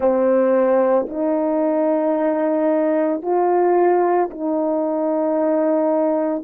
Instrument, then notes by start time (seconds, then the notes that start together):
horn
0.00 C4
1.08 D#4
3.21 F4
4.30 D#4